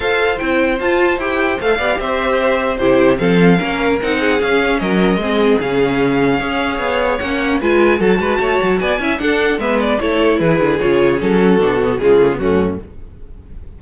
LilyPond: <<
  \new Staff \with { instrumentName = "violin" } { \time 4/4 \tempo 4 = 150 f''4 g''4 a''4 g''4 | f''4 e''2 c''4 | f''2 fis''4 f''4 | dis''2 f''2~ |
f''2 fis''4 gis''4 | a''2 gis''4 fis''4 | e''8 d''8 cis''4 b'4 cis''4 | a'2 gis'4 fis'4 | }
  \new Staff \with { instrumentName = "violin" } { \time 4/4 c''1~ | c''8 d''8 c''2 g'4 | a'4 ais'4. gis'4. | ais'4 gis'2. |
cis''2. b'4 | a'8 b'8 cis''4 d''8 e''8 a'4 | b'4 a'4 gis'2~ | gis'8 fis'4. f'4 cis'4 | }
  \new Staff \with { instrumentName = "viola" } { \time 4/4 a'4 e'4 f'4 g'4 | a'8 g'2~ g'8 e'4 | c'4 cis'4 dis'4 cis'4~ | cis'4 c'4 cis'2 |
gis'2 cis'4 f'4 | fis'2~ fis'8 e'8 d'4 | b4 e'2 f'4 | cis'4 d'8 b8 gis8 a16 b16 a4 | }
  \new Staff \with { instrumentName = "cello" } { \time 4/4 f'4 c'4 f'4 e'4 | a8 b8 c'2 c4 | f4 ais4 c'4 cis'4 | fis4 gis4 cis2 |
cis'4 b4 ais4 gis4 | fis8 gis8 a8 fis8 b8 cis'8 d'4 | gis4 a4 e8 d8 cis4 | fis4 b,4 cis4 fis,4 | }
>>